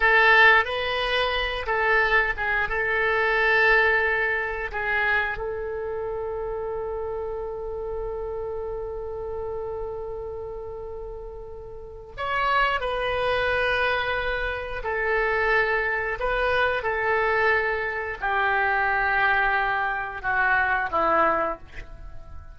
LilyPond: \new Staff \with { instrumentName = "oboe" } { \time 4/4 \tempo 4 = 89 a'4 b'4. a'4 gis'8 | a'2. gis'4 | a'1~ | a'1~ |
a'2 cis''4 b'4~ | b'2 a'2 | b'4 a'2 g'4~ | g'2 fis'4 e'4 | }